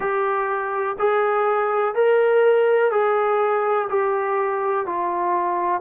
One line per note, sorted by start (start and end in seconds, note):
0.00 0.96 G4
0.99 1.94 G#4
1.94 2.91 A#4
2.91 3.88 G#4
3.89 4.86 G4
4.86 5.81 F4